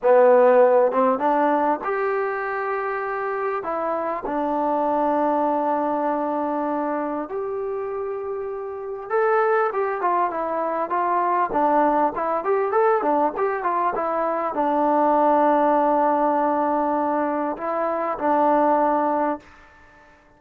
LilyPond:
\new Staff \with { instrumentName = "trombone" } { \time 4/4 \tempo 4 = 99 b4. c'8 d'4 g'4~ | g'2 e'4 d'4~ | d'1 | g'2. a'4 |
g'8 f'8 e'4 f'4 d'4 | e'8 g'8 a'8 d'8 g'8 f'8 e'4 | d'1~ | d'4 e'4 d'2 | }